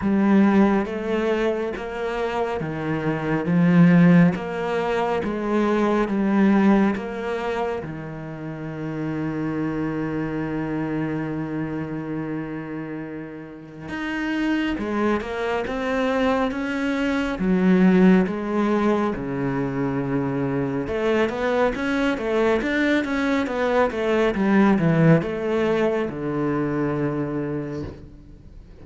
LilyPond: \new Staff \with { instrumentName = "cello" } { \time 4/4 \tempo 4 = 69 g4 a4 ais4 dis4 | f4 ais4 gis4 g4 | ais4 dis2.~ | dis1 |
dis'4 gis8 ais8 c'4 cis'4 | fis4 gis4 cis2 | a8 b8 cis'8 a8 d'8 cis'8 b8 a8 | g8 e8 a4 d2 | }